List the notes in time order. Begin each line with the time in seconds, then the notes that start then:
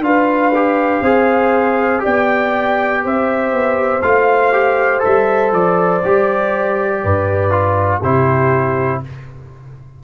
0.00 D4 F4 B4 F5
0.55 G4
1.02 C4 G#4 C5
2.00 G4 D5 G5
2.06 B3
3.04 C4 C5 E5
3.52 B3
4.02 A3 F4 F5
4.53 G4
5.00 G3 A4 E5
5.52 F3 D5
6.05 G3 G4
7.04 G2 B4
7.51 F4
8.02 C3 E4 G4 C5